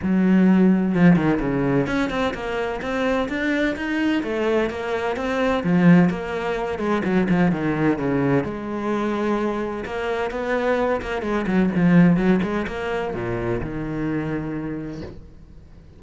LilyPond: \new Staff \with { instrumentName = "cello" } { \time 4/4 \tempo 4 = 128 fis2 f8 dis8 cis4 | cis'8 c'8 ais4 c'4 d'4 | dis'4 a4 ais4 c'4 | f4 ais4. gis8 fis8 f8 |
dis4 cis4 gis2~ | gis4 ais4 b4. ais8 | gis8 fis8 f4 fis8 gis8 ais4 | ais,4 dis2. | }